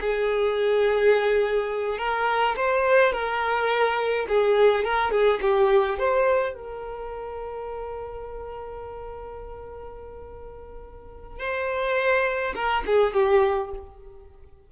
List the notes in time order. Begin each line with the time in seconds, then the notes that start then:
0.00 G#4
1.98 A#4
2.56 C5
3.12 A#4
4.28 G#4
4.84 A#4
5.11 G#4
5.41 G4
5.98 C5
6.54 A#4
11.39 C5
12.55 A#4
12.86 G#4
13.13 G4